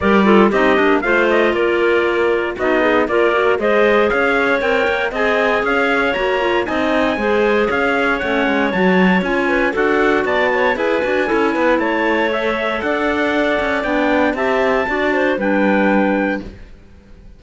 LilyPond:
<<
  \new Staff \with { instrumentName = "trumpet" } { \time 4/4 \tempo 4 = 117 d''4 dis''4 f''8 dis''8 d''4~ | d''4 dis''4 d''4 dis''4 | f''4 g''4 gis''4 f''4 | ais''4 gis''2 f''4 |
fis''4 a''4 gis''4 fis''4 | a''4 gis''2 a''4 | e''4 fis''2 g''4 | a''2 g''2 | }
  \new Staff \with { instrumentName = "clarinet" } { \time 4/4 ais'8 a'8 g'4 c''4 ais'4~ | ais'4 fis'8 gis'8 ais'4 c''4 | cis''2 dis''4 cis''4~ | cis''4 dis''4 c''4 cis''4~ |
cis''2~ cis''8 b'8 a'4 | d''8 cis''8 b'4 a'8 b'8 cis''4~ | cis''4 d''2. | e''4 d''8 c''8 b'2 | }
  \new Staff \with { instrumentName = "clarinet" } { \time 4/4 g'8 f'8 dis'8 d'8 f'2~ | f'4 dis'4 f'8 fis'8 gis'4~ | gis'4 ais'4 gis'2 | fis'8 f'8 dis'4 gis'2 |
cis'4 fis'4 f'4 fis'4~ | fis'4 gis'8 fis'8 e'2 | a'2. d'4 | g'4 fis'4 d'2 | }
  \new Staff \with { instrumentName = "cello" } { \time 4/4 g4 c'8 ais8 a4 ais4~ | ais4 b4 ais4 gis4 | cis'4 c'8 ais8 c'4 cis'4 | ais4 c'4 gis4 cis'4 |
a8 gis8 fis4 cis'4 d'4 | b4 e'8 d'8 cis'8 b8 a4~ | a4 d'4. cis'8 b4 | c'4 d'4 g2 | }
>>